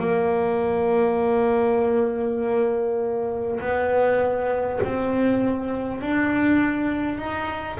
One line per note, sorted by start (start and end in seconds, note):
0.00 3.60 A#3
3.60 4.80 B3
4.84 6.02 C4
6.02 7.18 D4
7.18 7.78 D#4